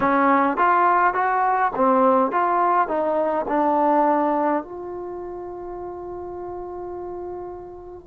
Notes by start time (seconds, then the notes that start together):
0.00 C#4
0.57 F4
1.14 F#4
1.75 C4
2.31 F4
2.87 D#4
3.48 D4
4.63 F4